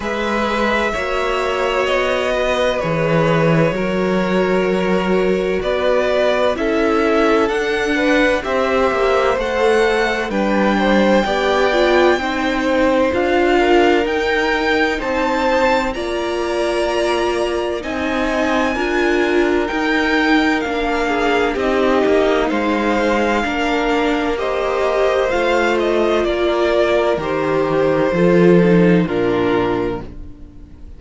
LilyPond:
<<
  \new Staff \with { instrumentName = "violin" } { \time 4/4 \tempo 4 = 64 e''2 dis''4 cis''4~ | cis''2 d''4 e''4 | fis''4 e''4 fis''4 g''4~ | g''2 f''4 g''4 |
a''4 ais''2 gis''4~ | gis''4 g''4 f''4 dis''4 | f''2 dis''4 f''8 dis''8 | d''4 c''2 ais'4 | }
  \new Staff \with { instrumentName = "violin" } { \time 4/4 b'4 cis''4. b'4. | ais'2 b'4 a'4~ | a'8 b'8 c''2 b'8 c''8 | d''4 c''4. ais'4. |
c''4 d''2 dis''4 | ais'2~ ais'8 gis'8 g'4 | c''4 ais'4 c''2 | ais'2 a'4 f'4 | }
  \new Staff \with { instrumentName = "viola" } { \time 4/4 gis'4 fis'2 gis'4 | fis'2. e'4 | d'4 g'4 a'4 d'4 | g'8 f'8 dis'4 f'4 dis'4~ |
dis'4 f'2 dis'4 | f'4 dis'4 d'4 dis'4~ | dis'4 d'4 g'4 f'4~ | f'4 g'4 f'8 dis'8 d'4 | }
  \new Staff \with { instrumentName = "cello" } { \time 4/4 gis4 ais4 b4 e4 | fis2 b4 cis'4 | d'4 c'8 ais8 a4 g4 | b4 c'4 d'4 dis'4 |
c'4 ais2 c'4 | d'4 dis'4 ais4 c'8 ais8 | gis4 ais2 a4 | ais4 dis4 f4 ais,4 | }
>>